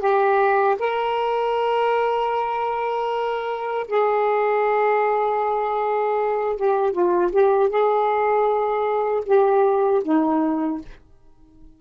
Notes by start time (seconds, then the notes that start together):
0.00 G4
0.80 A#4
3.88 G#4
6.57 G4
6.93 F4
7.33 G4
7.70 G#4
9.26 G4
10.04 D#4